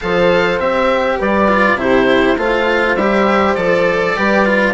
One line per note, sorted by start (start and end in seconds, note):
0.00 0.59 F3
0.00 0.59 A4
0.00 1.18 C5
0.00 0.59 F5
0.59 1.18 C4
0.59 1.48 G4
0.59 1.18 E5
1.18 1.75 G3
1.18 1.78 B4
1.18 1.79 D5
1.48 1.77 F4
1.75 2.34 C3
1.75 2.37 E4
1.75 2.37 G4
1.75 2.38 C5
2.37 2.96 A3
2.37 2.97 F4
2.37 4.15 C5
2.37 2.95 F5
2.95 3.55 G3
2.95 3.57 G4
2.95 3.55 E5
3.55 4.15 F3
3.55 4.16 A4
3.55 4.73 D5
4.16 4.74 G3
4.16 4.45 G4
4.16 4.74 B4
4.45 4.74 F4